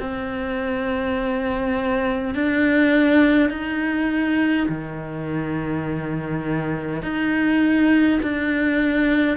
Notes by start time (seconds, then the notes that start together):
0.00 C4
2.35 D4
3.50 D#4
4.69 D#3
7.03 D#4
8.22 D4